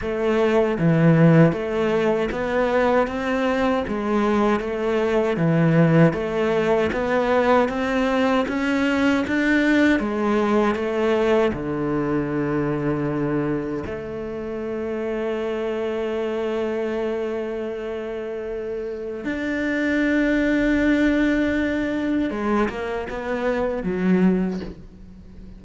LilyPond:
\new Staff \with { instrumentName = "cello" } { \time 4/4 \tempo 4 = 78 a4 e4 a4 b4 | c'4 gis4 a4 e4 | a4 b4 c'4 cis'4 | d'4 gis4 a4 d4~ |
d2 a2~ | a1~ | a4 d'2.~ | d'4 gis8 ais8 b4 fis4 | }